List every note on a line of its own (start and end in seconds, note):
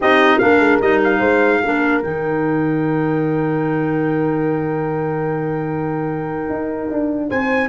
0.00 0.41 C4
0.00 0.40 D#4
0.00 0.39 G4
0.00 0.39 D#5
0.39 0.59 A#3
0.39 0.81 D4
0.39 1.18 A#4
0.39 0.79 F5
0.59 0.79 G#3
0.80 1.20 G3
0.80 1.63 D#4
0.80 1.01 D#5
1.04 2.02 F5
1.18 1.61 G#3
1.18 1.59 C5
1.62 2.03 A#3
1.62 2.02 D4
1.62 7.28 A#4
2.02 6.49 D#3
2.02 7.69 D#4
2.02 7.29 G5
6.49 6.89 D#4
6.90 7.30 D4
7.28 7.69 C4
7.28 7.69 C5
7.28 7.69 G#5